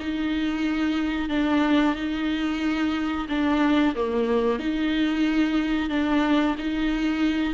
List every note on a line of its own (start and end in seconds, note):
0.00 1.30 D#4
1.30 1.95 D4
1.95 3.27 D#4
3.29 3.95 D4
3.96 4.59 A#3
4.59 5.90 D#4
5.90 6.56 D4
6.58 7.54 D#4